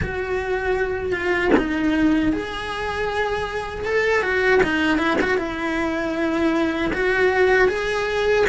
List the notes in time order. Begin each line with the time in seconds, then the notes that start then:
0.02 F#4
1.12 F4
1.57 D#4
2.32 G#4
3.85 A4
4.22 F#4
4.63 D#4
4.98 E4
5.21 F#4
5.37 E4
6.93 F#4
7.68 G#4